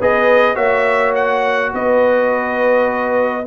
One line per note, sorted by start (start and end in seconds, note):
0.00 0.57 B3
0.00 0.55 G#4
0.00 0.55 B4
0.00 0.55 D#5
0.55 1.72 A#3
0.55 3.43 F#4
0.55 1.70 C#5
0.55 1.13 E5
1.15 1.72 F#5
1.74 3.46 B3
1.74 3.46 B4
1.74 3.46 D#5